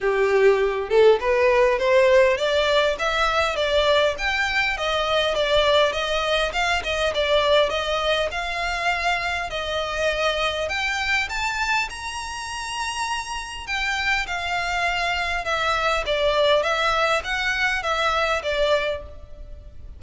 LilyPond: \new Staff \with { instrumentName = "violin" } { \time 4/4 \tempo 4 = 101 g'4. a'8 b'4 c''4 | d''4 e''4 d''4 g''4 | dis''4 d''4 dis''4 f''8 dis''8 | d''4 dis''4 f''2 |
dis''2 g''4 a''4 | ais''2. g''4 | f''2 e''4 d''4 | e''4 fis''4 e''4 d''4 | }